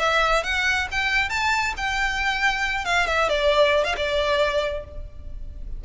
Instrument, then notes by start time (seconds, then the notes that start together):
violin
0.00 E5
0.44 F#5
0.92 G5
1.30 A5
1.78 G5
2.86 F5
3.07 E5
3.29 D5
3.85 F5
3.97 D5